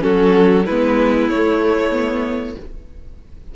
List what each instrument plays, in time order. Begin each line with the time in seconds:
0.00 cello F#3, viola C#4, violin F#4 A4
0.66 cello G#3, viola B3, violin E4 B4
1.29 cello A3, viola A3, violin C#5
1.92 viola B3